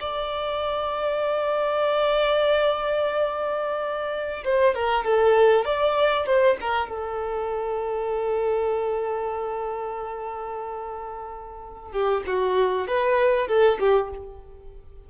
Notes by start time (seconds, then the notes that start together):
0.00 D5
4.44 C5
4.74 A#4
5.05 A4
5.65 D5
6.26 C5
6.60 A#4
6.89 A4
11.92 G4
12.26 F#4
12.87 B4
13.48 A4
13.79 G4